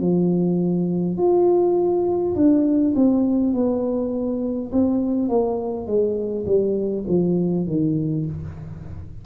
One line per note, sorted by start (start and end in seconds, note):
0.00 1.18 F3
1.18 2.35 F4
2.35 2.94 D4
2.95 3.53 C4
3.53 4.71 B3
4.72 5.28 C4
5.28 5.87 A#3
5.87 6.45 G#3
6.46 7.05 G3
7.07 7.66 F3
7.66 8.25 D#3